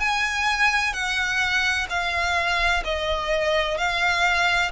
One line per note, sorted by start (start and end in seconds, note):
0.00 0.93 G#5
0.93 1.87 F#5
1.90 2.84 F5
2.85 3.78 D#5
3.78 4.72 F5